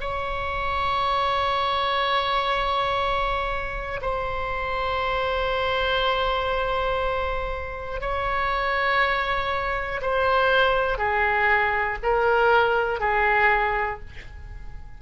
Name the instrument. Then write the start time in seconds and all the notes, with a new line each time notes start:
oboe
0.00 C#5
4.01 C5
8.00 C#5
10.01 C5
10.97 G#4
12.02 A#4
13.00 G#4